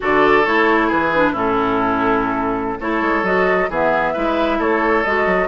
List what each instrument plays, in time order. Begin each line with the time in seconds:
0.00 bassoon D3, clarinet F#4, oboe A4, flute D5
0.45 bassoon A3, clarinet E4, flute C#5
0.87 bassoon E3, oboe G#4, flute B4
1.14 clarinet D4
1.32 bassoon A2, clarinet C#4, oboe E4, flute A4
2.80 bassoon A3, clarinet E4, oboe A4, flute C#5
3.01 bassoon G#3
3.22 bassoon F#3, clarinet F#4, flute D#5
3.69 bassoon E3, clarinet B3, oboe G#4, flute E5
4.13 bassoon G#3, clarinet E4, oboe B4
4.59 bassoon A3, oboe A4, flute C#5
5.04 bassoon G#3, clarinet F#4, flute D#5
5.25 bassoon F#3